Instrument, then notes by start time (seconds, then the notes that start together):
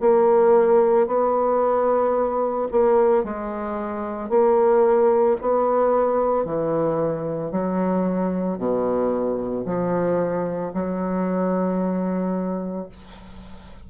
bassoon
0.00 A#3
1.07 B3
2.71 A#3
3.23 G#3
4.29 A#3
5.41 B3
6.45 E3
7.51 F#3
8.57 B2
9.65 F3
10.73 F#3